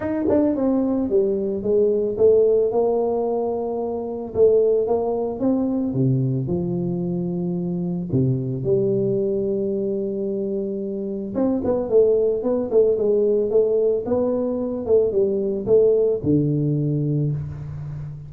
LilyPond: \new Staff \with { instrumentName = "tuba" } { \time 4/4 \tempo 4 = 111 dis'8 d'8 c'4 g4 gis4 | a4 ais2. | a4 ais4 c'4 c4 | f2. c4 |
g1~ | g4 c'8 b8 a4 b8 a8 | gis4 a4 b4. a8 | g4 a4 d2 | }